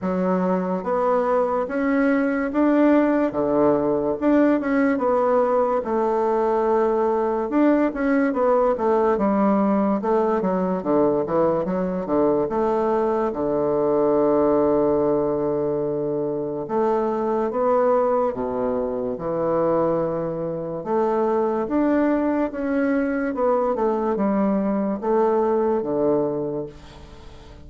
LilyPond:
\new Staff \with { instrumentName = "bassoon" } { \time 4/4 \tempo 4 = 72 fis4 b4 cis'4 d'4 | d4 d'8 cis'8 b4 a4~ | a4 d'8 cis'8 b8 a8 g4 | a8 fis8 d8 e8 fis8 d8 a4 |
d1 | a4 b4 b,4 e4~ | e4 a4 d'4 cis'4 | b8 a8 g4 a4 d4 | }